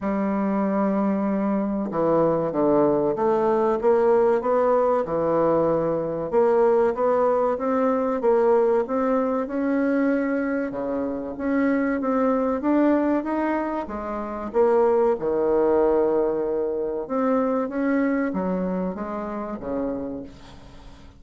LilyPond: \new Staff \with { instrumentName = "bassoon" } { \time 4/4 \tempo 4 = 95 g2. e4 | d4 a4 ais4 b4 | e2 ais4 b4 | c'4 ais4 c'4 cis'4~ |
cis'4 cis4 cis'4 c'4 | d'4 dis'4 gis4 ais4 | dis2. c'4 | cis'4 fis4 gis4 cis4 | }